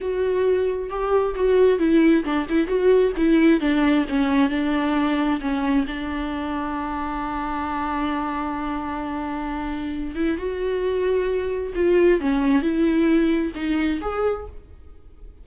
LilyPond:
\new Staff \with { instrumentName = "viola" } { \time 4/4 \tempo 4 = 133 fis'2 g'4 fis'4 | e'4 d'8 e'8 fis'4 e'4 | d'4 cis'4 d'2 | cis'4 d'2.~ |
d'1~ | d'2~ d'8 e'8 fis'4~ | fis'2 f'4 cis'4 | e'2 dis'4 gis'4 | }